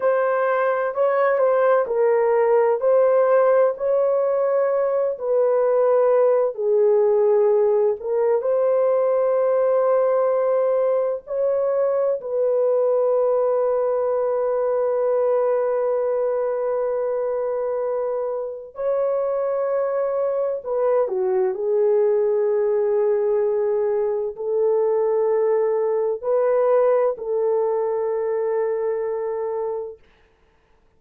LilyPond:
\new Staff \with { instrumentName = "horn" } { \time 4/4 \tempo 4 = 64 c''4 cis''8 c''8 ais'4 c''4 | cis''4. b'4. gis'4~ | gis'8 ais'8 c''2. | cis''4 b'2.~ |
b'1 | cis''2 b'8 fis'8 gis'4~ | gis'2 a'2 | b'4 a'2. | }